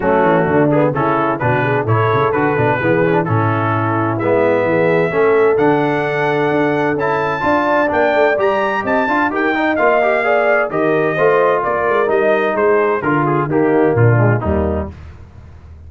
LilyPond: <<
  \new Staff \with { instrumentName = "trumpet" } { \time 4/4 \tempo 4 = 129 fis'4. gis'8 a'4 b'4 | cis''4 b'2 a'4~ | a'4 e''2. | fis''2. a''4~ |
a''4 g''4 ais''4 a''4 | g''4 f''2 dis''4~ | dis''4 d''4 dis''4 c''4 | ais'8 gis'8 g'4 f'4 dis'4 | }
  \new Staff \with { instrumentName = "horn" } { \time 4/4 cis'4 d'4 e'4 fis'8 gis'8 | a'2 gis'4 e'4~ | e'2 gis'4 a'4~ | a'1 |
d''2. dis''8 f''8 | ais'8 dis''4. d''4 ais'4 | c''4 ais'2 gis'4 | f'4 dis'4 d'4 ais4 | }
  \new Staff \with { instrumentName = "trombone" } { \time 4/4 a4. b8 cis'4 d'4 | e'4 fis'8 d'8 b8 cis'16 d'16 cis'4~ | cis'4 b2 cis'4 | d'2. e'4 |
f'4 d'4 g'4. f'8 | g'8 dis'8 f'8 g'8 gis'4 g'4 | f'2 dis'2 | f'4 ais4. gis8 g4 | }
  \new Staff \with { instrumentName = "tuba" } { \time 4/4 fis8 e8 d4 cis4 b,4 | a,8 cis8 d8 b,8 e4 a,4~ | a,4 gis4 e4 a4 | d2 d'4 cis'4 |
d'4 ais8 a8 g4 c'8 d'8 | dis'4 ais2 dis4 | a4 ais8 gis8 g4 gis4 | d4 dis4 ais,4 dis,4 | }
>>